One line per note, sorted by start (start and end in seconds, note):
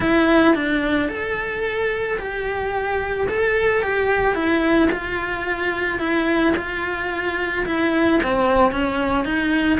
0.00 0.55 E4
0.55 1.09 D4
1.09 2.18 A4
2.18 3.27 G4
3.28 3.82 A4
3.82 4.34 G4
4.34 4.89 E4
4.91 5.99 F4
5.99 6.53 E4
6.56 7.65 F4
7.66 8.20 E4
8.23 8.71 C4
8.71 9.25 C#4
9.25 9.79 D#4